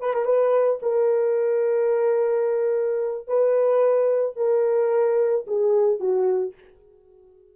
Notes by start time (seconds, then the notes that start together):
0.00 B4
0.14 A#4
0.25 B4
0.82 A#4
3.27 B4
4.36 A#4
5.47 G#4
5.99 F#4